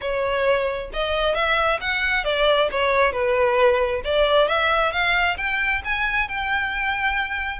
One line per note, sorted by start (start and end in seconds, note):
0.01 0.90 C#5
0.93 1.34 D#5
1.34 1.79 E5
1.81 2.24 F#5
2.24 2.69 D5
2.71 3.12 C#5
3.12 4.02 B4
4.04 4.48 D5
4.48 4.92 E5
4.92 5.36 F5
5.37 5.82 G5
5.84 6.28 G#5
6.28 7.59 G5